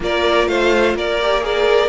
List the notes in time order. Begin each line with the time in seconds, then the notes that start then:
0.00 A#3 F4 A#4 D5
0.47 A3 C5 F5
0.94 A#3 A#4 D5
1.21 G4
1.41 G#4 A#4 D5